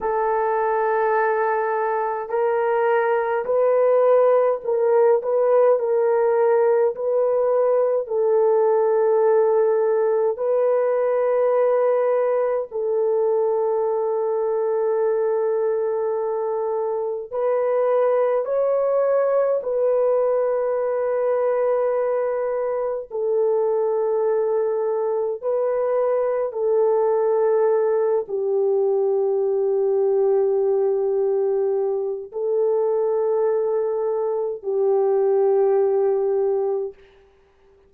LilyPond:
\new Staff \with { instrumentName = "horn" } { \time 4/4 \tempo 4 = 52 a'2 ais'4 b'4 | ais'8 b'8 ais'4 b'4 a'4~ | a'4 b'2 a'4~ | a'2. b'4 |
cis''4 b'2. | a'2 b'4 a'4~ | a'8 g'2.~ g'8 | a'2 g'2 | }